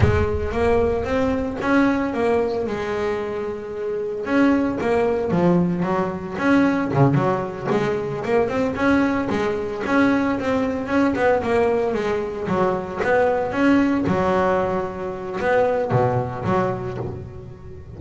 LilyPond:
\new Staff \with { instrumentName = "double bass" } { \time 4/4 \tempo 4 = 113 gis4 ais4 c'4 cis'4 | ais4 gis2. | cis'4 ais4 f4 fis4 | cis'4 cis8 fis4 gis4 ais8 |
c'8 cis'4 gis4 cis'4 c'8~ | c'8 cis'8 b8 ais4 gis4 fis8~ | fis8 b4 cis'4 fis4.~ | fis4 b4 b,4 fis4 | }